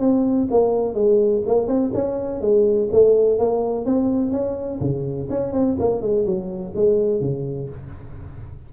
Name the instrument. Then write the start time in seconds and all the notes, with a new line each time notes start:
tuba
0.00 C4
0.51 A#3
0.94 G#3
1.47 A#3
1.68 C4
1.94 C#4
2.41 G#3
2.92 A3
3.39 A#3
3.86 C4
4.31 C#4
4.80 C#3
5.30 C#4
5.53 C4
5.80 A#3
6.02 G#3
6.26 F#3
6.75 G#3
7.21 C#3